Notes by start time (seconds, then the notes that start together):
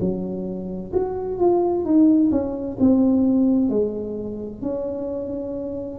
0.00 F#3
0.93 F#4
1.38 F4
1.84 D#4
2.31 C#4
2.79 C4
3.69 G#3
4.62 C#4